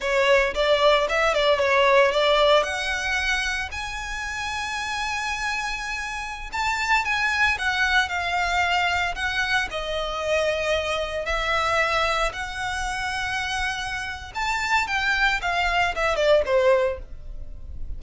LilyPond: \new Staff \with { instrumentName = "violin" } { \time 4/4 \tempo 4 = 113 cis''4 d''4 e''8 d''8 cis''4 | d''4 fis''2 gis''4~ | gis''1~ | gis''16 a''4 gis''4 fis''4 f''8.~ |
f''4~ f''16 fis''4 dis''4.~ dis''16~ | dis''4~ dis''16 e''2 fis''8.~ | fis''2. a''4 | g''4 f''4 e''8 d''8 c''4 | }